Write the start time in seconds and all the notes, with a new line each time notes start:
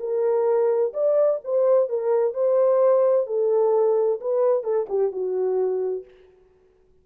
0.00 A#4
0.94 D5
1.45 C5
1.90 A#4
2.34 C5
3.27 A4
4.21 B4
4.64 A4
4.90 G4
5.12 F#4